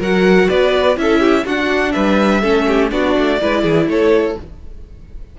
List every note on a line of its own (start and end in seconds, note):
0.00 0.48 F#3
0.00 0.97 F#4
0.00 0.48 A#4
0.00 0.49 F#5
0.49 0.97 B3
0.49 0.97 B4
0.49 0.98 D5
0.97 1.45 C#4
0.97 1.45 E4
0.97 1.20 A4
0.97 1.46 E5
1.20 1.44 G4
1.46 1.94 D4
1.46 2.43 D4
1.46 1.94 F#4
1.46 1.92 F#5
1.92 2.43 G3
1.92 2.41 B4
1.92 2.89 E5
2.41 2.92 A3
2.41 2.91 C#4
2.41 2.66 A4
2.68 2.92 G4
2.91 3.16 B3
2.91 3.40 D4
2.91 3.41 F#4
2.91 3.88 D5
3.17 3.42 A3
3.40 3.64 G#3
3.40 4.37 E4
3.40 3.63 B4
3.63 3.88 E3
3.63 3.87 G#4
3.88 4.36 A3
3.88 4.39 A4
3.88 4.38 C#5